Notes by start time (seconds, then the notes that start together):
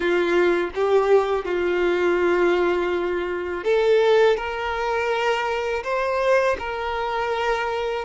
0.00 F4
0.75 G4
1.44 F4
3.64 A4
4.37 A#4
5.83 C5
6.59 A#4